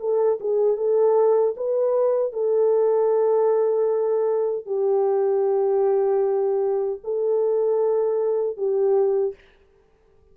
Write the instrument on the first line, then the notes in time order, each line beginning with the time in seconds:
horn
0.00 A4
0.40 G#4
0.77 A4
1.57 B4
2.33 A4
4.66 G4
7.04 A4
8.57 G4